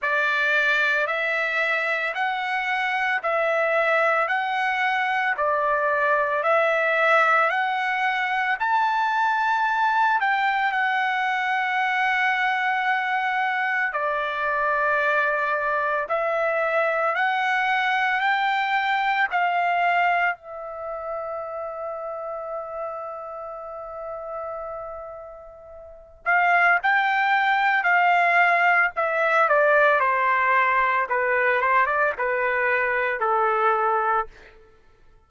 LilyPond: \new Staff \with { instrumentName = "trumpet" } { \time 4/4 \tempo 4 = 56 d''4 e''4 fis''4 e''4 | fis''4 d''4 e''4 fis''4 | a''4. g''8 fis''2~ | fis''4 d''2 e''4 |
fis''4 g''4 f''4 e''4~ | e''1~ | e''8 f''8 g''4 f''4 e''8 d''8 | c''4 b'8 c''16 d''16 b'4 a'4 | }